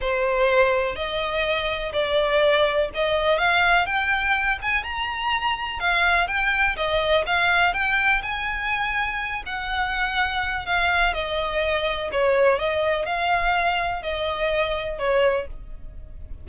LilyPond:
\new Staff \with { instrumentName = "violin" } { \time 4/4 \tempo 4 = 124 c''2 dis''2 | d''2 dis''4 f''4 | g''4. gis''8 ais''2 | f''4 g''4 dis''4 f''4 |
g''4 gis''2~ gis''8 fis''8~ | fis''2 f''4 dis''4~ | dis''4 cis''4 dis''4 f''4~ | f''4 dis''2 cis''4 | }